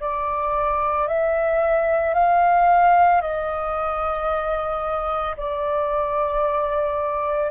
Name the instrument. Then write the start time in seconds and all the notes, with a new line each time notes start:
flute
0.00 D5
1.07 E5
2.14 F5
3.21 D#5
5.37 D5